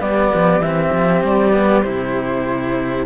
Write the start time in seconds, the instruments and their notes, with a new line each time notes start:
0.00 cello G3 B3, viola G4, flute D5
0.34 cello F3
0.60 cello E3 C4, flute E5
0.93 cello F3
1.24 cello G3, flute D5
1.53 cello B3
1.83 cello C3 E4, flute C5